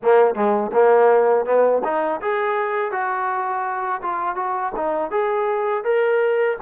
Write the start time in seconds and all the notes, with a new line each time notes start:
0.02 A#3
0.34 G#3
0.72 A#3
1.45 B3
1.84 D#4
2.21 G#4
2.91 F#4
4.02 F4
4.35 F#4
4.76 D#4
5.11 G#4
5.84 A#4